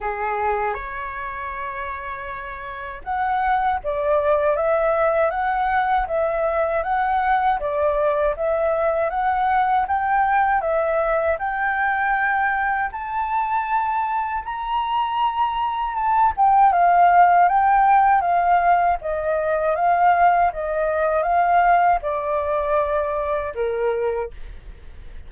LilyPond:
\new Staff \with { instrumentName = "flute" } { \time 4/4 \tempo 4 = 79 gis'4 cis''2. | fis''4 d''4 e''4 fis''4 | e''4 fis''4 d''4 e''4 | fis''4 g''4 e''4 g''4~ |
g''4 a''2 ais''4~ | ais''4 a''8 g''8 f''4 g''4 | f''4 dis''4 f''4 dis''4 | f''4 d''2 ais'4 | }